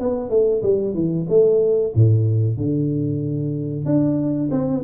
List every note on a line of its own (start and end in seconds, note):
0.00 0.30 B3
0.30 0.62 A3
0.62 0.94 G3
0.94 1.27 E3
1.29 1.94 A3
1.95 2.57 A2
2.57 3.85 D3
3.85 4.50 D4
4.51 4.83 C4